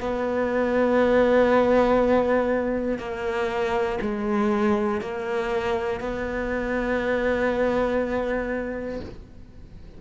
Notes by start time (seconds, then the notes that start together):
0.00 B3
2.98 A#3
4.01 G#3
5.00 A#3
6.00 B3